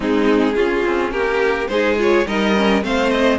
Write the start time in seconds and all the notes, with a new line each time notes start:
0.00 G#3 C4 D#4 G#4
0.55 C#4 F4
0.85 C4
1.11 A#3 G4 A#4
1.67 G#3 D#4 G#4 C5
1.97 F4 C#5
2.26 G3 D#4 A#4 D#5
2.56 C#4
2.82 A3 C4 C5 F5
3.09 D#5